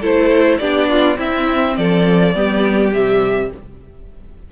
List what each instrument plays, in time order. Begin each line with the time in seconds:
0.00 cello A3, viola E4, violin A4 C5
0.58 cello B3, viola D4, violin G4 D5
0.89 violin F4
1.16 viola C4, cello C4, violin E4 E5
1.76 cello F3, violin A4 D5
2.35 cello G3, viola B3, violin G4
2.93 cello C3, viola G3, violin E5